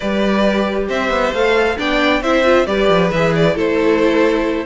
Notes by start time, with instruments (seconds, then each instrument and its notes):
0.00 cello G3, viola G4, violin B4 D5
0.88 cello C4, violin C5 E5
1.09 cello B3
1.33 cello A3, viola A4, violin F5
1.77 cello B3, viola D4, violin D5 G5
2.21 cello C4, viola E4, violin C5 E5
2.44 viola F4
2.66 cello G3, viola G4, violin B4 D5
2.88 cello F3
3.11 cello E3, viola G#4, violin E5
3.35 violin D5
3.54 cello A3, viola E4, violin A4 C5